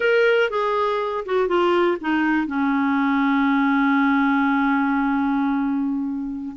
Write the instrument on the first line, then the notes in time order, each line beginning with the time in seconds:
clarinet
0.00 A#4
0.50 G#4
1.25 F#4
1.48 F4
2.00 D#4
2.46 C#4